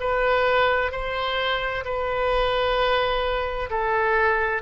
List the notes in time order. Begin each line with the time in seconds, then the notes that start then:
0.00 B4
0.92 C5
1.85 B4
3.70 A4